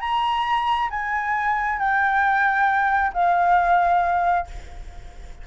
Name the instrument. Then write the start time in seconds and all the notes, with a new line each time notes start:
flute
0.00 A#5
0.90 G#5
1.79 G5
3.13 F5